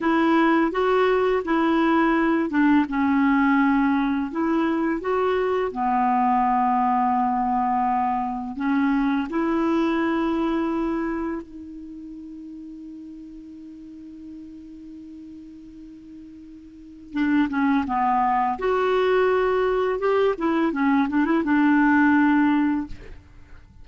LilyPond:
\new Staff \with { instrumentName = "clarinet" } { \time 4/4 \tempo 4 = 84 e'4 fis'4 e'4. d'8 | cis'2 e'4 fis'4 | b1 | cis'4 e'2. |
dis'1~ | dis'1 | d'8 cis'8 b4 fis'2 | g'8 e'8 cis'8 d'16 e'16 d'2 | }